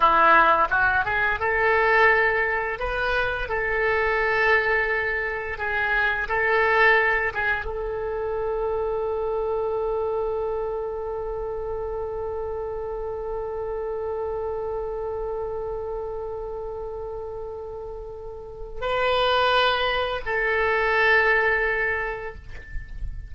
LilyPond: \new Staff \with { instrumentName = "oboe" } { \time 4/4 \tempo 4 = 86 e'4 fis'8 gis'8 a'2 | b'4 a'2. | gis'4 a'4. gis'8 a'4~ | a'1~ |
a'1~ | a'1~ | a'2. b'4~ | b'4 a'2. | }